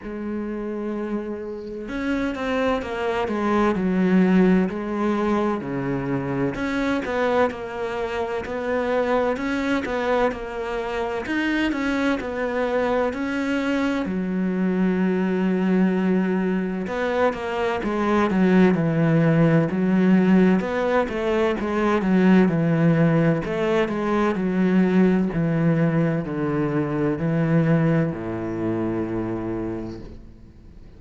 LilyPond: \new Staff \with { instrumentName = "cello" } { \time 4/4 \tempo 4 = 64 gis2 cis'8 c'8 ais8 gis8 | fis4 gis4 cis4 cis'8 b8 | ais4 b4 cis'8 b8 ais4 | dis'8 cis'8 b4 cis'4 fis4~ |
fis2 b8 ais8 gis8 fis8 | e4 fis4 b8 a8 gis8 fis8 | e4 a8 gis8 fis4 e4 | d4 e4 a,2 | }